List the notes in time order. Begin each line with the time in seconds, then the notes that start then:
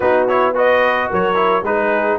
0.00 B3 D#4 F#4 B4
0.27 E4 C#5
0.53 F#4 B4 D#5
1.09 F#3 A#4 C#5
1.35 E4
1.62 G#3 D#4 G#4 B4